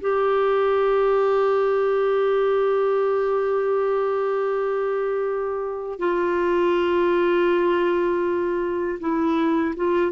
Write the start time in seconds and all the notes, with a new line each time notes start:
0.00 G4
5.99 F4
8.99 E4
9.76 F4